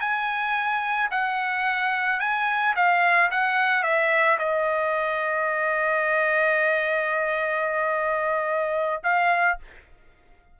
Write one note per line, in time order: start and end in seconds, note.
0.00 1.09 G#5
1.11 2.20 F#5
2.20 2.74 G#5
2.75 3.30 F5
3.31 3.83 F#5
3.83 4.37 E5
4.38 9.02 D#5
9.03 9.58 F5